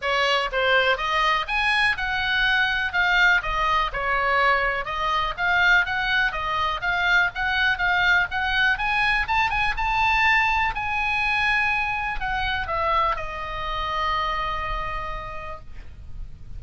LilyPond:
\new Staff \with { instrumentName = "oboe" } { \time 4/4 \tempo 4 = 123 cis''4 c''4 dis''4 gis''4 | fis''2 f''4 dis''4 | cis''2 dis''4 f''4 | fis''4 dis''4 f''4 fis''4 |
f''4 fis''4 gis''4 a''8 gis''8 | a''2 gis''2~ | gis''4 fis''4 e''4 dis''4~ | dis''1 | }